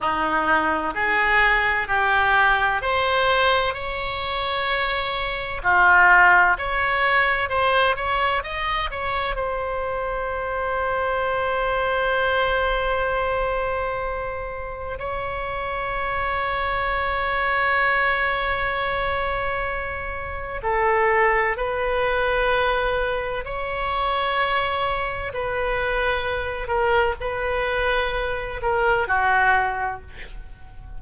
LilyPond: \new Staff \with { instrumentName = "oboe" } { \time 4/4 \tempo 4 = 64 dis'4 gis'4 g'4 c''4 | cis''2 f'4 cis''4 | c''8 cis''8 dis''8 cis''8 c''2~ | c''1 |
cis''1~ | cis''2 a'4 b'4~ | b'4 cis''2 b'4~ | b'8 ais'8 b'4. ais'8 fis'4 | }